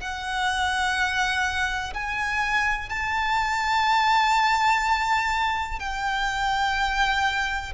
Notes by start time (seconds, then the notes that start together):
0.00 F#5
1.94 G#5
2.89 A5
5.79 G5